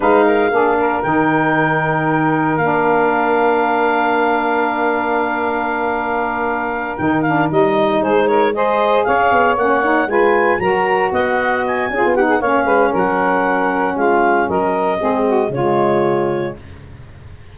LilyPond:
<<
  \new Staff \with { instrumentName = "clarinet" } { \time 4/4 \tempo 4 = 116 f''2 g''2~ | g''4 f''2.~ | f''1~ | f''4. g''8 f''8 dis''4 c''8 |
cis''8 dis''4 f''4 fis''4 gis''8~ | gis''8 ais''4 fis''4 gis''4 fis''8 | f''4 fis''2 f''4 | dis''2 cis''2 | }
  \new Staff \with { instrumentName = "saxophone" } { \time 4/4 b'8 ais'8 gis'8 ais'2~ ais'8~ | ais'1~ | ais'1~ | ais'2.~ ais'8 gis'8 |
ais'8 c''4 cis''2 b'8~ | b'8 ais'4 dis''4. gis'8 g'16 gis'16 | cis''8 b'8 ais'2 f'4 | ais'4 gis'8 fis'8 f'2 | }
  \new Staff \with { instrumentName = "saxophone" } { \time 4/4 dis'4 d'4 dis'2~ | dis'4 d'2.~ | d'1~ | d'4. dis'8 d'8 dis'4.~ |
dis'8 gis'2 cis'8 dis'8 f'8~ | f'8 fis'2~ fis'8 f'8 dis'8 | cis'1~ | cis'4 c'4 gis2 | }
  \new Staff \with { instrumentName = "tuba" } { \time 4/4 gis4 ais4 dis2~ | dis4 ais2.~ | ais1~ | ais4. dis4 g4 gis8~ |
gis4. cis'8 b8 ais4 gis8~ | gis8 fis4 b4. cis'16 b8. | ais8 gis8 fis2 gis4 | fis4 gis4 cis2 | }
>>